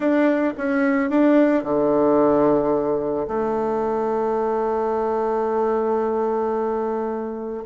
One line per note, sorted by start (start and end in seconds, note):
0.00 0.53 D4
0.57 1.09 C#4
1.09 1.63 D4
1.63 3.27 D3
3.27 7.63 A3